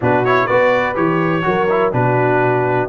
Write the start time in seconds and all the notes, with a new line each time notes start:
0.01 B2 D4 F#4 B4
0.24 E4 C#5
0.44 B3 F#4 B4 D5
0.95 E3 G4 C#5
1.42 F#3 F#4 A#4
1.69 E4
1.92 B2 D4 F#4 B4